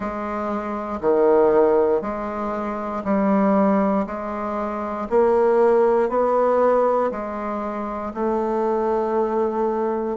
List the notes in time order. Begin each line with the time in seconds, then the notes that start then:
0.00 G#3
1.00 D#3
2.01 G#3
3.04 G3
4.06 G#3
5.09 A#3
6.09 B3
7.11 G#3
8.14 A3